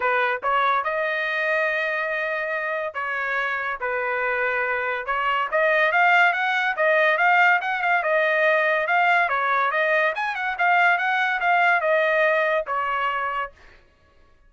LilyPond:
\new Staff \with { instrumentName = "trumpet" } { \time 4/4 \tempo 4 = 142 b'4 cis''4 dis''2~ | dis''2. cis''4~ | cis''4 b'2. | cis''4 dis''4 f''4 fis''4 |
dis''4 f''4 fis''8 f''8 dis''4~ | dis''4 f''4 cis''4 dis''4 | gis''8 fis''8 f''4 fis''4 f''4 | dis''2 cis''2 | }